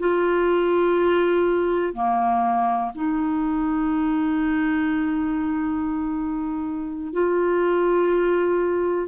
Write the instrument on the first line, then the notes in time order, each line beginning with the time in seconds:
clarinet
0.00 F4
1.94 A#3
2.96 D#4
7.14 F4